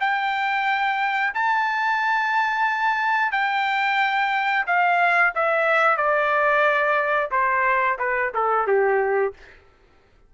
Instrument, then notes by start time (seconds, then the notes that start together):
trumpet
0.00 G5
1.34 A5
3.32 G5
4.66 F5
5.35 E5
5.97 D5
7.31 C5
7.98 B4
8.34 A4
8.67 G4